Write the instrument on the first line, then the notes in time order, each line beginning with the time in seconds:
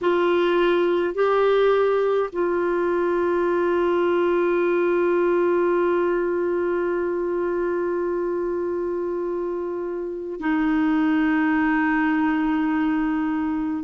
clarinet
0.01 F4
1.14 G4
2.32 F4
10.40 D#4